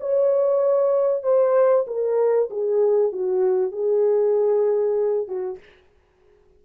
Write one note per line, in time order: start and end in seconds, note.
0.00 1.23 C#5
1.23 1.85 C5
1.87 2.49 A#4
2.50 3.12 G#4
3.12 3.72 F#4
3.72 5.28 G#4
5.28 5.59 F#4